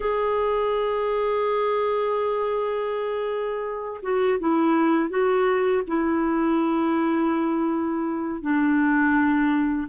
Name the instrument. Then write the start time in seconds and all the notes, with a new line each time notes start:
clarinet
0.00 G#4
4.02 F#4
4.39 E4
5.09 F#4
5.87 E4
8.41 D4